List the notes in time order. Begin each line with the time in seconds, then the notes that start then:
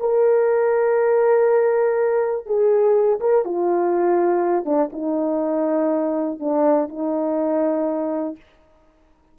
0.00 A#4
2.46 G#4
3.20 A#4
3.45 F4
4.65 D4
4.92 D#4
6.39 D4
6.89 D#4